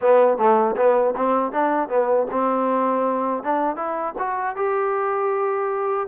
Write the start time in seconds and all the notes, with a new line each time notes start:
0.01 B3
0.37 A3
0.76 B3
1.16 C4
1.52 D4
1.88 B3
2.31 C4
3.43 D4
3.76 E4
4.18 F#4
4.56 G4